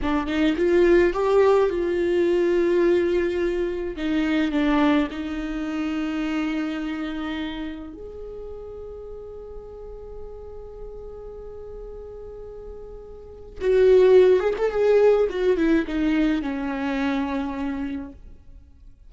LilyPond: \new Staff \with { instrumentName = "viola" } { \time 4/4 \tempo 4 = 106 d'8 dis'8 f'4 g'4 f'4~ | f'2. dis'4 | d'4 dis'2.~ | dis'2 gis'2~ |
gis'1~ | gis'1 | fis'4. gis'16 a'16 gis'4 fis'8 e'8 | dis'4 cis'2. | }